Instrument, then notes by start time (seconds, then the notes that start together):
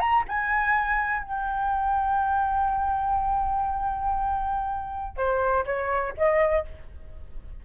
flute
0.00 A#5
0.29 G#5
1.22 G5
5.17 C5
5.66 C#5
6.17 D#5